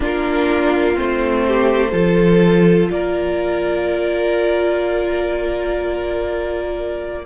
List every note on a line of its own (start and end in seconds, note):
0.00 0.96 A#3
0.00 0.94 D4
0.00 1.46 F4
0.00 0.97 A#4
0.94 1.92 A3
0.94 1.91 C4
0.94 2.90 C5
1.47 1.91 G4
1.91 2.89 F3
1.91 7.24 F4
1.91 2.88 A4
2.90 7.25 A#3
2.90 7.25 A#4
2.90 7.25 D5